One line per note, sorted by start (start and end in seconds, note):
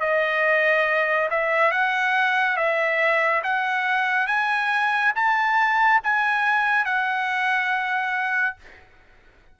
0.00 1.29 D#5
1.30 1.71 E5
1.71 2.56 F#5
2.56 3.42 E5
3.43 4.27 F#5
4.27 5.12 G#5
5.15 6.01 A5
6.03 6.85 G#5
6.85 8.56 F#5